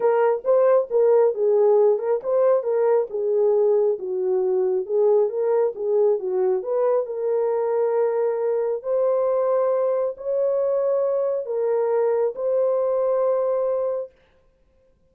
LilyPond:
\new Staff \with { instrumentName = "horn" } { \time 4/4 \tempo 4 = 136 ais'4 c''4 ais'4 gis'4~ | gis'8 ais'8 c''4 ais'4 gis'4~ | gis'4 fis'2 gis'4 | ais'4 gis'4 fis'4 b'4 |
ais'1 | c''2. cis''4~ | cis''2 ais'2 | c''1 | }